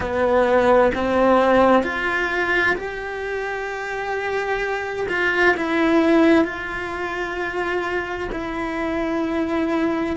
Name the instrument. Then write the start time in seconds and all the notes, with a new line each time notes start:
cello
0.00 B3
0.94 C4
1.83 F4
2.76 G4
5.09 F4
5.56 E4
6.44 F4
8.32 E4